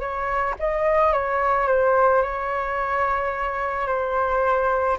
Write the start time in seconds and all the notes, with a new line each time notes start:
0.00 C#5
0.60 D#5
1.13 C#5
1.67 C5
2.22 C#5
3.88 C5